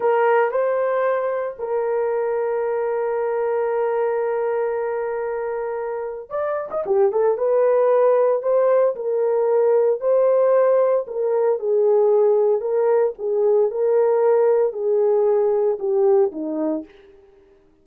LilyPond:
\new Staff \with { instrumentName = "horn" } { \time 4/4 \tempo 4 = 114 ais'4 c''2 ais'4~ | ais'1~ | ais'1 | d''8. dis''16 g'8 a'8 b'2 |
c''4 ais'2 c''4~ | c''4 ais'4 gis'2 | ais'4 gis'4 ais'2 | gis'2 g'4 dis'4 | }